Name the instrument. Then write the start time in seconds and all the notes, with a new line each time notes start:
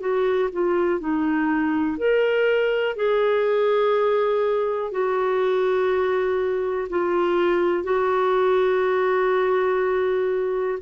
clarinet
0.00 F#4
0.53 F4
1.00 D#4
1.98 A#4
2.96 G#4
4.91 F#4
6.90 F4
7.84 F#4